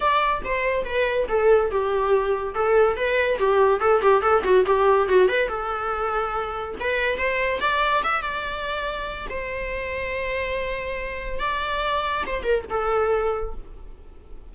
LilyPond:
\new Staff \with { instrumentName = "viola" } { \time 4/4 \tempo 4 = 142 d''4 c''4 b'4 a'4 | g'2 a'4 b'4 | g'4 a'8 g'8 a'8 fis'8 g'4 | fis'8 b'8 a'2. |
b'4 c''4 d''4 e''8 d''8~ | d''2 c''2~ | c''2. d''4~ | d''4 c''8 ais'8 a'2 | }